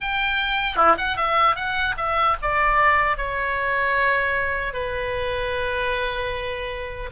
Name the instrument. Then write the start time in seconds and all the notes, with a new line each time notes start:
oboe
0.00 G5
0.75 E4
0.97 F#5
1.16 E5
1.55 F#5
1.97 E5
2.42 D5
3.17 C#5
4.73 B4